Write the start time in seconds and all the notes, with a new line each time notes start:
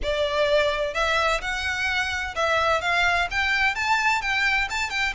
0.02 D5
0.94 E5
1.41 F#5
2.35 E5
2.81 F5
3.30 G5
3.75 A5
4.21 G5
4.70 A5
4.90 G5